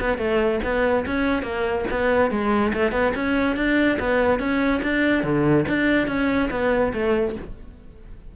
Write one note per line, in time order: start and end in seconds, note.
0.00 0.18 B3
0.18 0.60 A3
0.64 1.05 B3
1.06 1.43 C#4
1.43 1.85 A#3
1.90 2.31 B3
2.31 2.73 G#3
2.73 2.92 A3
2.92 3.13 B3
3.15 3.56 C#4
3.56 3.98 D4
3.99 4.39 B3
4.39 4.81 C#4
4.82 5.23 D4
5.23 5.65 D3
5.68 6.07 D4
6.07 6.49 C#4
6.51 6.92 B3
6.93 7.35 A3